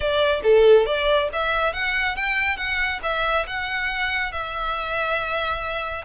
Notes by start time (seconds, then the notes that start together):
0.00 D5
0.43 A4
0.85 D5
1.32 E5
1.73 F#5
2.15 G5
2.56 F#5
3.02 E5
3.46 F#5
4.32 E5